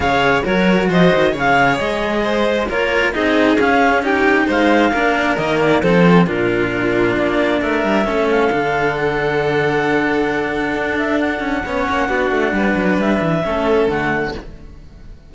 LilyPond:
<<
  \new Staff \with { instrumentName = "clarinet" } { \time 4/4 \tempo 4 = 134 f''4 cis''4 dis''4 f''4 | dis''2 cis''4 dis''4 | f''4 g''4 f''2 | dis''8 d''8 c''4 ais'2 |
d''4 e''4. f''4. | fis''1~ | fis''8 e''8 fis''2.~ | fis''4 e''2 fis''4 | }
  \new Staff \with { instrumentName = "violin" } { \time 4/4 cis''4 ais'4 c''4 cis''4~ | cis''4 c''4 ais'4 gis'4~ | gis'4 g'4 c''4 ais'4~ | ais'4 a'4 f'2~ |
f'4 ais'4 a'2~ | a'1~ | a'2 cis''4 fis'4 | b'2 a'2 | }
  \new Staff \with { instrumentName = "cello" } { \time 4/4 gis'4 fis'2 gis'4~ | gis'2 f'4 dis'4 | cis'4 dis'2 d'4 | ais4 c'4 d'2~ |
d'2 cis'4 d'4~ | d'1~ | d'2 cis'4 d'4~ | d'2 cis'4 a4 | }
  \new Staff \with { instrumentName = "cello" } { \time 4/4 cis4 fis4 f8 dis8 cis4 | gis2 ais4 c'4 | cis'2 gis4 ais4 | dis4 f4 ais,2 |
ais4 a8 g8 a4 d4~ | d1 | d'4. cis'8 b8 ais8 b8 a8 | g8 fis8 g8 e8 a4 d4 | }
>>